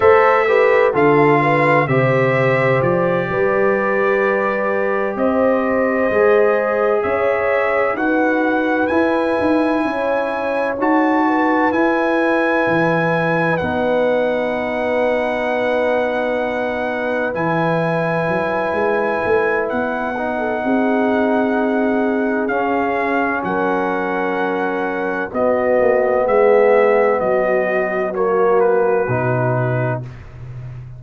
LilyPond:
<<
  \new Staff \with { instrumentName = "trumpet" } { \time 4/4 \tempo 4 = 64 e''4 f''4 e''4 d''4~ | d''4. dis''2 e''8~ | e''8 fis''4 gis''2 a''8~ | a''8 gis''2 fis''4.~ |
fis''2~ fis''8 gis''4.~ | gis''4 fis''2. | f''4 fis''2 dis''4 | e''4 dis''4 cis''8 b'4. | }
  \new Staff \with { instrumentName = "horn" } { \time 4/4 c''8 b'8 a'8 b'8 c''4. b'8~ | b'4. c''2 cis''8~ | cis''8 b'2 cis''4. | b'1~ |
b'1~ | b'4.~ b'16 a'16 gis'2~ | gis'4 ais'2 fis'4 | gis'4 fis'2. | }
  \new Staff \with { instrumentName = "trombone" } { \time 4/4 a'8 g'8 f'4 g'2~ | g'2~ g'8 gis'4.~ | gis'8 fis'4 e'2 fis'8~ | fis'8 e'2 dis'4.~ |
dis'2~ dis'8 e'4.~ | e'4. dis'2~ dis'8 | cis'2. b4~ | b2 ais4 dis'4 | }
  \new Staff \with { instrumentName = "tuba" } { \time 4/4 a4 d4 c4 f8 g8~ | g4. c'4 gis4 cis'8~ | cis'8 dis'4 e'8 dis'8 cis'4 dis'8~ | dis'8 e'4 e4 b4.~ |
b2~ b8 e4 fis8 | gis8 a8 b4 c'2 | cis'4 fis2 b8 ais8 | gis4 fis2 b,4 | }
>>